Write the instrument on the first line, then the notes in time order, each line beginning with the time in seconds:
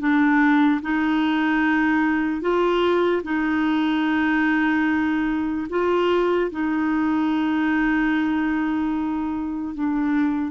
clarinet
0.00 D4
0.82 D#4
2.41 F4
3.24 D#4
5.70 F4
6.52 D#4
9.75 D4